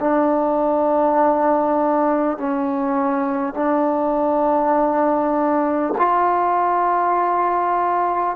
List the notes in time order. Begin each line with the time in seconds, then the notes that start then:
0.00 D4
2.37 C#4
3.54 D4
5.97 F4